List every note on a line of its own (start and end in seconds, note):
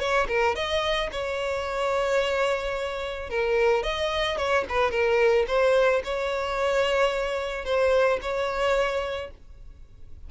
0.00 0.27 C#5
0.28 0.55 A#4
0.56 1.10 D#5
1.12 3.30 C#5
3.30 3.83 A#4
3.83 4.38 D#5
4.38 4.65 C#5
4.69 4.91 B4
4.91 5.46 A#4
5.48 6.02 C5
6.04 7.65 C#5
7.65 8.20 C5
8.22 9.31 C#5